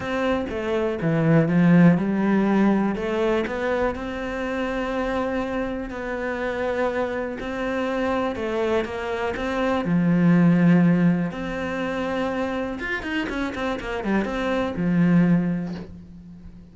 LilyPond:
\new Staff \with { instrumentName = "cello" } { \time 4/4 \tempo 4 = 122 c'4 a4 e4 f4 | g2 a4 b4 | c'1 | b2. c'4~ |
c'4 a4 ais4 c'4 | f2. c'4~ | c'2 f'8 dis'8 cis'8 c'8 | ais8 g8 c'4 f2 | }